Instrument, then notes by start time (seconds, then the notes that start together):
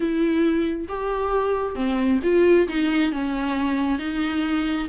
viola
0.00 E4
0.88 G4
1.75 C4
2.23 F4
2.67 D#4
3.12 C#4
3.98 D#4